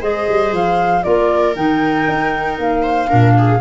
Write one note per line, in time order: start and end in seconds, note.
0.00 0.27 G#3
0.00 1.02 G#4
0.00 1.03 C5
0.00 0.53 D#5
0.28 0.52 G3
0.52 1.03 F3
0.52 1.03 F5
1.02 1.56 A#3
1.02 1.54 F4
1.02 2.82 A#4
1.02 1.54 D5
1.56 2.07 D#3
1.56 3.06 D#4
1.56 2.58 G5
2.07 2.59 D#4
2.59 3.10 A#3
2.59 3.60 F5
2.82 3.08 C5
3.06 3.60 A#2
3.06 3.58 D4
3.06 3.35 A#4
3.38 3.60 G#4